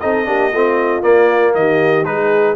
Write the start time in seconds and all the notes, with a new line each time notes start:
0.00 C4 D#4 A4 D#5
0.25 A#3 D4 G4
0.52 A3 C4 F4
1.02 A#3 D5
1.54 D#3 G4 D#5
2.05 G#3 D#4 G#4 B4